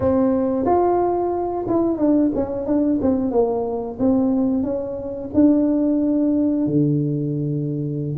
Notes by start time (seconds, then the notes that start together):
0.00 C4
0.65 F4
1.68 E4
1.98 D4
2.35 C#4
2.66 D4
3.01 C4
3.31 A#3
3.99 C4
4.63 C#4
5.34 D4
6.66 D3